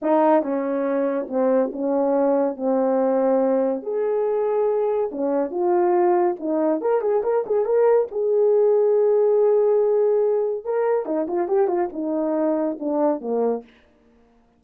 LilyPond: \new Staff \with { instrumentName = "horn" } { \time 4/4 \tempo 4 = 141 dis'4 cis'2 c'4 | cis'2 c'2~ | c'4 gis'2. | cis'4 f'2 dis'4 |
ais'8 gis'8 ais'8 gis'8 ais'4 gis'4~ | gis'1~ | gis'4 ais'4 dis'8 f'8 g'8 f'8 | dis'2 d'4 ais4 | }